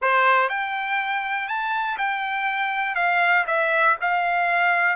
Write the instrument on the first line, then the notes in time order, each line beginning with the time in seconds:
trumpet
0.01 C5
0.49 G5
1.47 A5
1.97 G5
2.95 F5
3.46 E5
4.01 F5